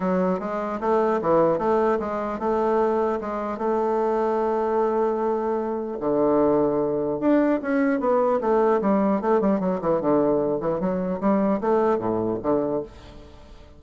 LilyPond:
\new Staff \with { instrumentName = "bassoon" } { \time 4/4 \tempo 4 = 150 fis4 gis4 a4 e4 | a4 gis4 a2 | gis4 a2.~ | a2. d4~ |
d2 d'4 cis'4 | b4 a4 g4 a8 g8 | fis8 e8 d4. e8 fis4 | g4 a4 a,4 d4 | }